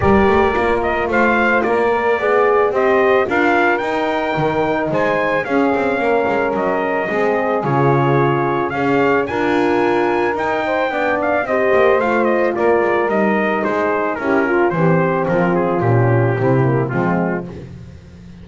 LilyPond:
<<
  \new Staff \with { instrumentName = "trumpet" } { \time 4/4 \tempo 4 = 110 d''4. dis''8 f''4 d''4~ | d''4 dis''4 f''4 g''4~ | g''4 gis''4 f''2 | dis''2 cis''2 |
f''4 gis''2 g''4~ | g''8 f''8 dis''4 f''8 dis''8 d''4 | dis''4 c''4 ais'4 c''4 | ais'8 gis'8 g'2 f'4 | }
  \new Staff \with { instrumentName = "saxophone" } { \time 4/4 ais'2 c''4 ais'4 | d''4 c''4 ais'2~ | ais'4 c''4 gis'4 ais'4~ | ais'4 gis'2. |
cis''4 ais'2~ ais'8 c''8 | d''4 c''2 ais'4~ | ais'4 gis'4 g'8 f'8 g'4 | f'2 e'4 c'4 | }
  \new Staff \with { instrumentName = "horn" } { \time 4/4 g'4 f'2~ f'8 ais'8 | gis'4 g'4 f'4 dis'4~ | dis'2 cis'2~ | cis'4 c'4 f'2 |
gis'4 f'2 dis'4 | d'4 g'4 f'2 | dis'2 e'8 f'8 c'4~ | c'4 cis'4 c'8 ais8 gis4 | }
  \new Staff \with { instrumentName = "double bass" } { \time 4/4 g8 a8 ais4 a4 ais4 | b4 c'4 d'4 dis'4 | dis4 gis4 cis'8 c'8 ais8 gis8 | fis4 gis4 cis2 |
cis'4 d'2 dis'4 | b4 c'8 ais8 a4 ais8 gis8 | g4 gis4 cis'4 e4 | f4 ais,4 c4 f4 | }
>>